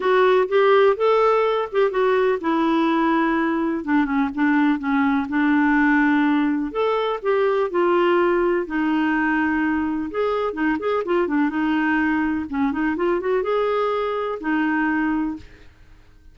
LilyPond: \new Staff \with { instrumentName = "clarinet" } { \time 4/4 \tempo 4 = 125 fis'4 g'4 a'4. g'8 | fis'4 e'2. | d'8 cis'8 d'4 cis'4 d'4~ | d'2 a'4 g'4 |
f'2 dis'2~ | dis'4 gis'4 dis'8 gis'8 f'8 d'8 | dis'2 cis'8 dis'8 f'8 fis'8 | gis'2 dis'2 | }